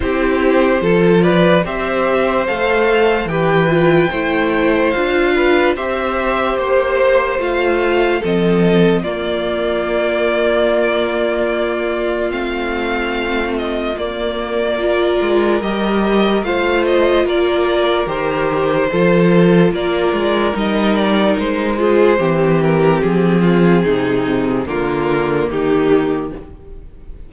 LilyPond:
<<
  \new Staff \with { instrumentName = "violin" } { \time 4/4 \tempo 4 = 73 c''4. d''8 e''4 f''4 | g''2 f''4 e''4 | c''4 f''4 dis''4 d''4~ | d''2. f''4~ |
f''8 dis''8 d''2 dis''4 | f''8 dis''8 d''4 c''2 | d''4 dis''8 d''8 c''4. ais'8 | gis'2 ais'4 g'4 | }
  \new Staff \with { instrumentName = "violin" } { \time 4/4 g'4 a'8 b'8 c''2 | b'4 c''4. b'8 c''4~ | c''2 a'4 f'4~ | f'1~ |
f'2 ais'2 | c''4 ais'2 a'4 | ais'2~ ais'8 gis'8 g'4~ | g'8 f'8 dis'4 f'4 dis'4 | }
  \new Staff \with { instrumentName = "viola" } { \time 4/4 e'4 f'4 g'4 a'4 | g'8 f'8 e'4 f'4 g'4~ | g'4 f'4 c'4 ais4~ | ais2. c'4~ |
c'4 ais4 f'4 g'4 | f'2 g'4 f'4~ | f'4 dis'4. f'8 c'4~ | c'2 ais2 | }
  \new Staff \with { instrumentName = "cello" } { \time 4/4 c'4 f4 c'4 a4 | e4 a4 d'4 c'4 | ais4 a4 f4 ais4~ | ais2. a4~ |
a4 ais4. gis8 g4 | a4 ais4 dis4 f4 | ais8 gis8 g4 gis4 e4 | f4 c4 d4 dis4 | }
>>